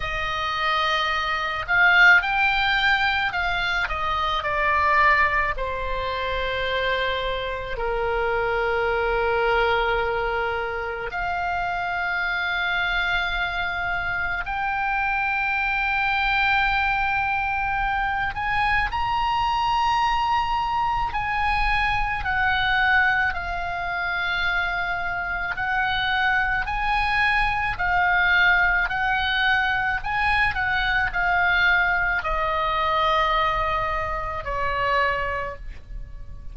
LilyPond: \new Staff \with { instrumentName = "oboe" } { \time 4/4 \tempo 4 = 54 dis''4. f''8 g''4 f''8 dis''8 | d''4 c''2 ais'4~ | ais'2 f''2~ | f''4 g''2.~ |
g''8 gis''8 ais''2 gis''4 | fis''4 f''2 fis''4 | gis''4 f''4 fis''4 gis''8 fis''8 | f''4 dis''2 cis''4 | }